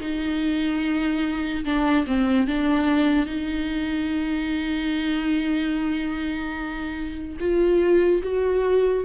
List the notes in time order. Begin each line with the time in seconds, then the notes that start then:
0.00 D#4
1.65 D4
2.07 C4
2.47 D4
3.26 D#4
7.40 F4
8.23 F#4